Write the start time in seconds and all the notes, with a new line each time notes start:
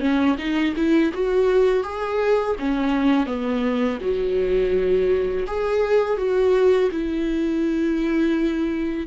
0.00 C#4
0.38 D#4
0.76 E4
1.13 F#4
1.84 G#4
2.59 C#4
3.26 B3
4.01 F#3
5.47 G#4
6.18 F#4
6.91 E4